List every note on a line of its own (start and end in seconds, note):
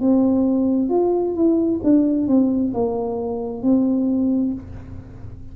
0.00 0.89 C4
0.89 1.35 F4
1.35 1.80 E4
1.83 2.27 D4
2.27 2.73 C4
2.74 3.62 A#3
3.62 4.53 C4